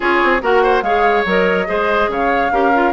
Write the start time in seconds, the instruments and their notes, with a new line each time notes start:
0.00 bassoon C#4, clarinet F4, oboe G#4, flute C#5
0.23 bassoon C4
0.42 bassoon A#3, clarinet F#4, oboe A#4, flute F#5
0.62 oboe C5
0.81 bassoon G#3, clarinet G#4, oboe C#5, flute F5
1.25 bassoon F#3, clarinet A#4, flute D#5
1.66 bassoon G#3, clarinet G#4, oboe C5
2.08 bassoon C#3, oboe C#5, flute F5
2.51 bassoon C#4, clarinet G4, oboe A#4
2.74 clarinet F4